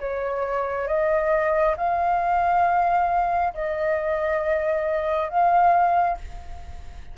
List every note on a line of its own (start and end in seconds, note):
0.00 0.88 C#5
0.88 1.76 D#5
1.77 3.54 F5
3.54 5.29 D#5
5.29 6.18 F5